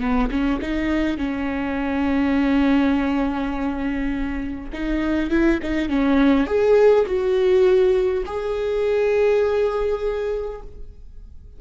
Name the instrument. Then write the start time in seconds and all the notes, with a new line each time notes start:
viola
0.00 B3
0.30 C#4
0.61 D#4
1.17 C#4
4.73 D#4
5.30 E4
5.62 D#4
5.89 C#4
6.46 G#4
7.06 F#4
8.25 G#4